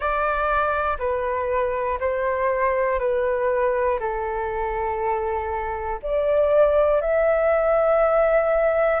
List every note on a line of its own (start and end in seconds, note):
0.00 0.97 D5
0.99 1.99 B4
2.00 2.99 C5
2.99 3.99 B4
4.00 6.00 A4
6.02 7.01 D5
7.01 9.00 E5